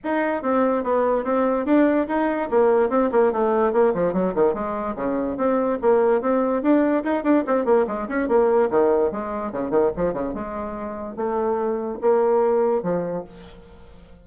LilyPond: \new Staff \with { instrumentName = "bassoon" } { \time 4/4 \tempo 4 = 145 dis'4 c'4 b4 c'4 | d'4 dis'4 ais4 c'8 ais8 | a4 ais8 f8 fis8 dis8 gis4 | cis4 c'4 ais4 c'4 |
d'4 dis'8 d'8 c'8 ais8 gis8 cis'8 | ais4 dis4 gis4 cis8 dis8 | f8 cis8 gis2 a4~ | a4 ais2 f4 | }